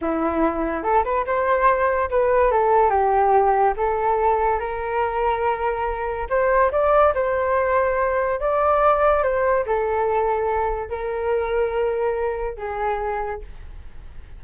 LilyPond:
\new Staff \with { instrumentName = "flute" } { \time 4/4 \tempo 4 = 143 e'2 a'8 b'8 c''4~ | c''4 b'4 a'4 g'4~ | g'4 a'2 ais'4~ | ais'2. c''4 |
d''4 c''2. | d''2 c''4 a'4~ | a'2 ais'2~ | ais'2 gis'2 | }